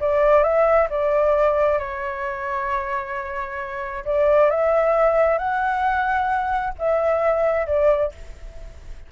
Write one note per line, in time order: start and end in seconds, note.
0.00 0.43 D5
0.43 0.88 E5
0.90 1.79 D5
1.79 4.04 C#5
4.05 4.50 D5
4.50 5.38 E5
5.38 6.73 F#5
6.79 7.67 E5
7.67 8.12 D5